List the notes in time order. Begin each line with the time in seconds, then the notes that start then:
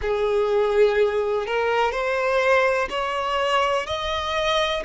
0.01 G#4
1.46 A#4
1.91 C5
2.89 C#5
3.86 D#5